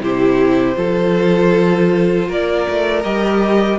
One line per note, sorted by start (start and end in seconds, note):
0.00 0.76 C3
0.00 0.75 E4
0.00 0.77 G4
0.00 2.31 C5
0.75 2.29 F3
0.75 3.02 F4
0.75 2.27 A4
2.27 2.67 A#3
2.27 3.79 A#4
2.27 3.03 D5
2.69 3.04 A3
3.03 3.79 G3
3.03 3.79 G4
3.03 3.79 D#5